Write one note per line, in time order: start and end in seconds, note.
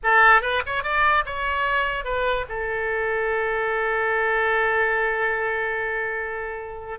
0.03 0.41 A4
0.41 0.62 B4
0.66 0.83 C#5
0.83 1.24 D5
1.25 2.04 C#5
2.04 2.45 B4
2.48 6.99 A4